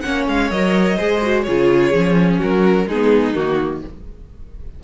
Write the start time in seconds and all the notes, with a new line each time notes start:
0.00 A#3 C#4 C#5 F#5
0.27 G#3 F5
0.50 F#3 A#4 D#5
0.97 G#3 G#4 C5
1.21 F#4
1.42 C#3 F4 G#4 C#5
1.93 F3 C#4
2.38 F#3 F#4 A#4
2.86 G#3 D#4 G#4
2.92 B3
3.35 D#3 A#3 F#4